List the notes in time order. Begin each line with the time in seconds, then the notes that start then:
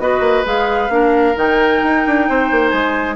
0.00 B3 F#4 B4 D#5
0.20 A#3
0.45 G#3 G#4 F5
0.89 A#3 D4 A#4
1.36 D#3 D#4 G5
1.83 D#4
2.07 D4
2.30 C4 C5
2.52 A#3
2.69 G#3 G#5